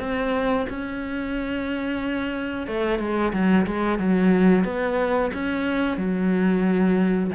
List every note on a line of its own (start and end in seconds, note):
0.00 0.67 C4
0.69 2.68 C#4
2.68 2.99 A3
2.99 3.33 G#3
3.33 3.66 F#3
3.67 3.99 G#3
3.99 4.65 F#3
4.65 5.32 B3
5.34 5.98 C#4
5.98 7.31 F#3